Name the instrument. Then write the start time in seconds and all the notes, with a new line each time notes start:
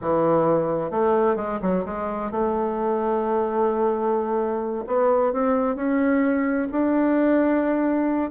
bassoon
0.01 E3
0.91 A3
1.36 G#3
1.62 F#3
1.85 G#3
2.31 A3
4.87 B3
5.32 C4
5.75 C#4
6.71 D4